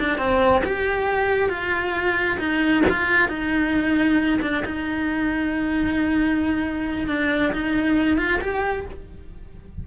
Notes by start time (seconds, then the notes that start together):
0.00 D4
0.18 C4
0.65 G4
1.49 F4
2.39 D#4
2.90 F4
3.29 D#4
4.42 D4
4.66 D#4
7.08 D4
7.53 D#4
8.18 F4
8.42 G4